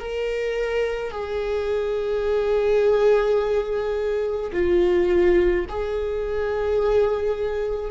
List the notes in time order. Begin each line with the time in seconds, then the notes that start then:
0.00 A#4
1.12 G#4
4.53 F4
5.69 G#4